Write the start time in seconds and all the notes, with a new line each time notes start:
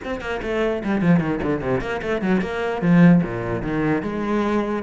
0.04 C4
0.20 A#3
0.42 A3
0.84 G3
1.01 F3
1.20 D#3
1.42 D3
1.61 C3
1.80 A#3
2.02 A3
2.21 F#3
2.41 A#3
2.81 F3
3.22 A#2
3.62 D#3
4.02 G#3